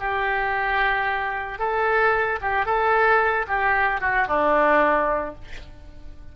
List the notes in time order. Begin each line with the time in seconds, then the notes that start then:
0.00 G4
1.59 A4
2.42 G4
2.66 A4
3.48 G4
4.01 F#4
4.28 D4